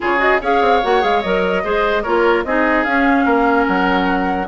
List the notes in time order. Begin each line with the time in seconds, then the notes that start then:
0.00 C#3 F4 G#4 C#5
0.18 F#4 D#5
0.41 C#4 G#4 C#5 F5
0.61 C4
0.82 A#3 F#4 F#5
1.01 G#3 G#4 F5
1.21 F#3 A#4 D#5
1.63 G#3 G#4 C5
2.02 A#3 F4 A#4 C#5
2.44 C4 D#4 G#4 D#5
2.84 C#4 F5
3.25 A#3 A#4
3.66 F#3 F#5